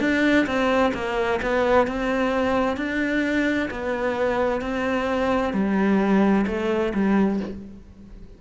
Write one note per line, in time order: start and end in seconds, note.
0.00 0.46 D4
0.47 0.93 C4
0.94 1.41 A#3
1.42 1.88 B3
1.88 2.77 C4
2.77 3.70 D4
3.70 4.62 B3
4.62 5.53 C4
5.53 6.46 G3
6.47 6.93 A3
6.94 7.41 G3